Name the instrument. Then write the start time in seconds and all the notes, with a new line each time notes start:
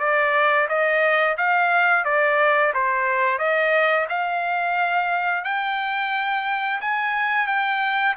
trumpet
0.00 D5
0.69 D#5
1.38 F5
2.05 D5
2.74 C5
3.39 D#5
4.10 F5
5.45 G5
6.82 G#5
7.47 G5